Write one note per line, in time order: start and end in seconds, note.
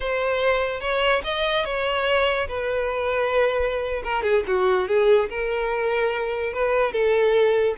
0.00 0.80 C5
0.80 1.22 C#5
1.24 1.64 D#5
1.64 2.47 C#5
2.47 4.03 B4
4.03 4.23 A#4
4.23 4.43 G#4
4.47 4.87 F#4
4.87 5.29 G#4
5.29 6.53 A#4
6.53 6.92 B4
6.92 7.75 A4